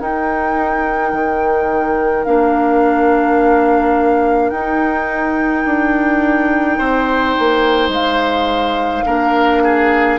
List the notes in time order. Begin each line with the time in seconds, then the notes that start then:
0.00 D#4 A#4 G5
1.12 D#3
2.25 A#3 D4 F5
4.50 D#4 G5
5.65 D4
6.78 C4 C5
7.39 A#3
7.89 G#3 F5
9.06 A#3 D4 A#4
9.63 G#4